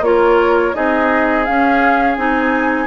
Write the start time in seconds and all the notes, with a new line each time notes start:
0.00 A#3 F4 A#4 C#5
0.74 C4 D#4 G#4 D#5
1.44 C#4 F5
2.17 C4 D#4 G#5